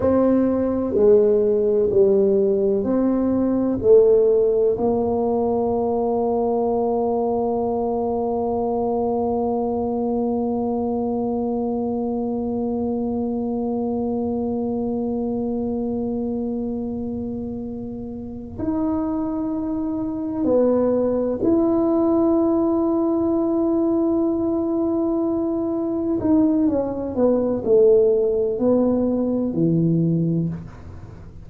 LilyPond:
\new Staff \with { instrumentName = "tuba" } { \time 4/4 \tempo 4 = 63 c'4 gis4 g4 c'4 | a4 ais2.~ | ais1~ | ais1~ |
ais2.~ ais8 dis'8~ | dis'4. b4 e'4.~ | e'2.~ e'8 dis'8 | cis'8 b8 a4 b4 e4 | }